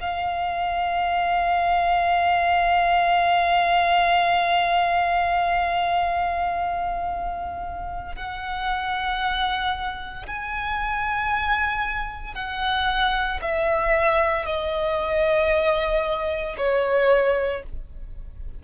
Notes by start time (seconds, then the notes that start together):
0.00 F5
8.15 F#5
10.26 G#5
12.34 F#5
13.42 E5
14.46 D#5
16.57 C#5